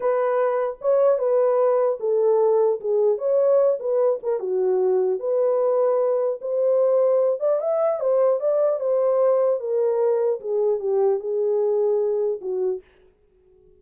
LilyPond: \new Staff \with { instrumentName = "horn" } { \time 4/4 \tempo 4 = 150 b'2 cis''4 b'4~ | b'4 a'2 gis'4 | cis''4. b'4 ais'8 fis'4~ | fis'4 b'2. |
c''2~ c''8 d''8 e''4 | c''4 d''4 c''2 | ais'2 gis'4 g'4 | gis'2. fis'4 | }